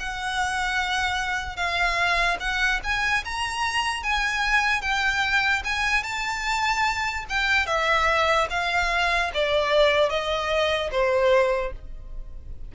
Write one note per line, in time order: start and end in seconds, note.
0.00 1.57 F#5
1.57 2.38 F5
2.40 2.81 F#5
2.84 3.25 G#5
3.25 4.04 A#5
4.04 4.82 G#5
4.82 5.63 G5
5.65 6.04 G#5
6.04 7.25 A5
7.30 7.67 G5
7.67 8.48 E5
8.51 9.32 F5
9.34 10.10 D5
10.10 10.91 D#5
10.92 11.73 C5